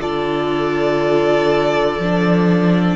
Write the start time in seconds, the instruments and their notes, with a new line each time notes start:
0.00 cello D3, viola F4, violin A4 D5
1.99 cello F3, viola D4